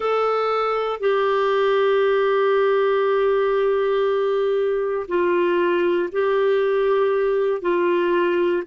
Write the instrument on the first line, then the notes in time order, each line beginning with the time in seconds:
clarinet
0.00 A4
0.99 G4
5.08 F4
6.12 G4
7.61 F4